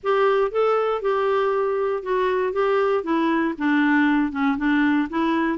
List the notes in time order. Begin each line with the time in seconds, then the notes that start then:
0.03 G4
0.51 A4
1.01 G4
2.02 F#4
2.52 G4
3.03 E4
3.58 D4
4.32 C#4
4.57 D4
5.09 E4